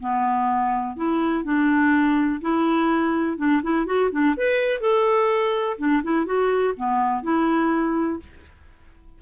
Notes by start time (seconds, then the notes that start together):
0.00 B3
0.96 E4
1.44 D4
2.41 E4
3.38 D4
3.63 E4
3.86 F#4
4.11 D4
4.37 B4
4.81 A4
5.78 D4
6.03 E4
6.26 F#4
6.77 B3
7.23 E4